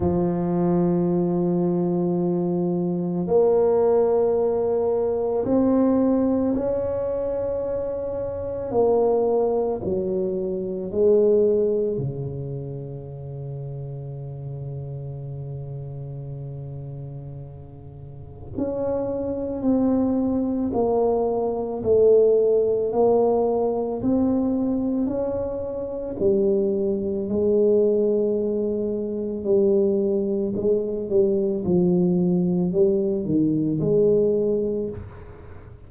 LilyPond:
\new Staff \with { instrumentName = "tuba" } { \time 4/4 \tempo 4 = 55 f2. ais4~ | ais4 c'4 cis'2 | ais4 fis4 gis4 cis4~ | cis1~ |
cis4 cis'4 c'4 ais4 | a4 ais4 c'4 cis'4 | g4 gis2 g4 | gis8 g8 f4 g8 dis8 gis4 | }